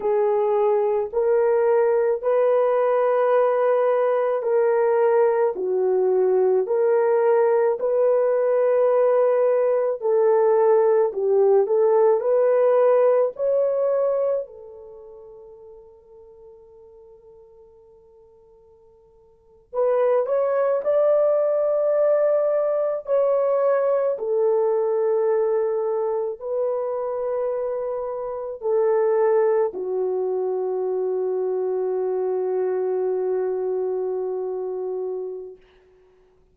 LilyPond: \new Staff \with { instrumentName = "horn" } { \time 4/4 \tempo 4 = 54 gis'4 ais'4 b'2 | ais'4 fis'4 ais'4 b'4~ | b'4 a'4 g'8 a'8 b'4 | cis''4 a'2.~ |
a'4.~ a'16 b'8 cis''8 d''4~ d''16~ | d''8. cis''4 a'2 b'16~ | b'4.~ b'16 a'4 fis'4~ fis'16~ | fis'1 | }